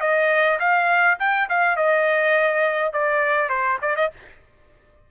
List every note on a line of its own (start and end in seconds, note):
0.00 0.58 D#5
0.59 1.18 F5
1.19 1.48 G5
1.49 1.76 F5
1.76 2.92 D#5
2.92 3.49 D5
3.49 3.78 C5
3.81 3.96 D5
3.96 4.10 D#5